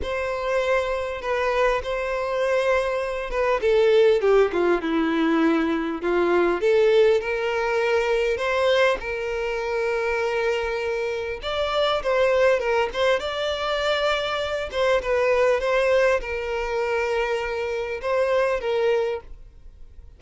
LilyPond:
\new Staff \with { instrumentName = "violin" } { \time 4/4 \tempo 4 = 100 c''2 b'4 c''4~ | c''4. b'8 a'4 g'8 f'8 | e'2 f'4 a'4 | ais'2 c''4 ais'4~ |
ais'2. d''4 | c''4 ais'8 c''8 d''2~ | d''8 c''8 b'4 c''4 ais'4~ | ais'2 c''4 ais'4 | }